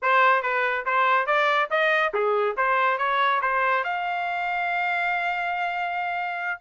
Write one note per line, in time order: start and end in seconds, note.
0.02 0.42 C5
0.42 0.85 B4
0.85 1.26 C5
1.26 1.68 D5
1.70 2.12 D#5
2.13 2.56 G#4
2.56 2.98 C5
2.98 3.40 C#5
3.41 3.84 C5
3.84 6.60 F5